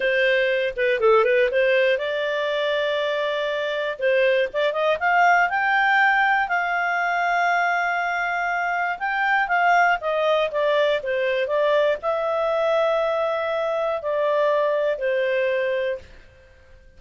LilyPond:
\new Staff \with { instrumentName = "clarinet" } { \time 4/4 \tempo 4 = 120 c''4. b'8 a'8 b'8 c''4 | d''1 | c''4 d''8 dis''8 f''4 g''4~ | g''4 f''2.~ |
f''2 g''4 f''4 | dis''4 d''4 c''4 d''4 | e''1 | d''2 c''2 | }